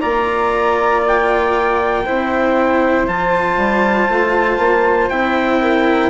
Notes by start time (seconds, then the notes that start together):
0.00 A#3 F4 D5 A#5
1.07 G5
2.04 C4 E4 C5
3.07 F3 F4 A5
3.57 G3
4.08 A3
4.58 A#3
5.09 C4 E4 G5
5.61 A#4